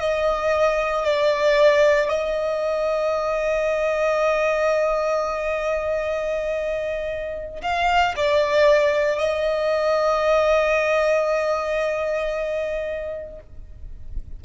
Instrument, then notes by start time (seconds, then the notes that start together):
violin
0.00 D#5
1.05 D5
2.09 D#5
7.62 F5
8.17 D5
9.19 D#5